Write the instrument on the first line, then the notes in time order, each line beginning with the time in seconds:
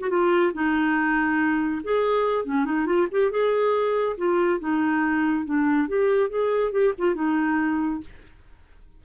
clarinet
0.00 F#4
0.10 F4
0.53 D#4
1.84 G#4
2.45 C#4
2.65 D#4
2.86 F4
3.11 G4
3.31 G#4
4.17 F4
4.60 D#4
5.46 D4
5.88 G4
6.30 G#4
6.72 G4
6.98 F4
7.15 D#4